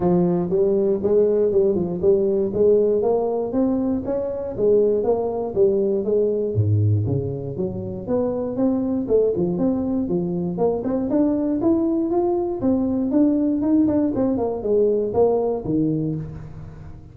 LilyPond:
\new Staff \with { instrumentName = "tuba" } { \time 4/4 \tempo 4 = 119 f4 g4 gis4 g8 f8 | g4 gis4 ais4 c'4 | cis'4 gis4 ais4 g4 | gis4 gis,4 cis4 fis4 |
b4 c'4 a8 f8 c'4 | f4 ais8 c'8 d'4 e'4 | f'4 c'4 d'4 dis'8 d'8 | c'8 ais8 gis4 ais4 dis4 | }